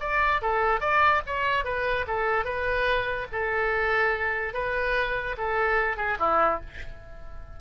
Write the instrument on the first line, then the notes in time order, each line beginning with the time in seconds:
oboe
0.00 D5
0.41 A4
0.80 D5
1.26 C#5
1.64 B4
2.07 A4
2.45 B4
3.32 A4
4.54 B4
5.38 A4
5.97 G#4
6.19 E4